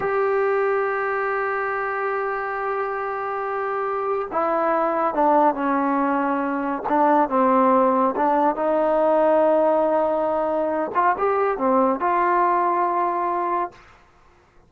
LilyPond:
\new Staff \with { instrumentName = "trombone" } { \time 4/4 \tempo 4 = 140 g'1~ | g'1~ | g'2 e'2 | d'4 cis'2. |
d'4 c'2 d'4 | dis'1~ | dis'4. f'8 g'4 c'4 | f'1 | }